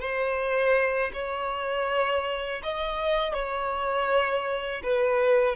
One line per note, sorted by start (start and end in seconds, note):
0.00 1.11 C5
1.13 2.61 C#5
2.63 3.33 D#5
3.33 4.81 C#5
4.83 5.55 B4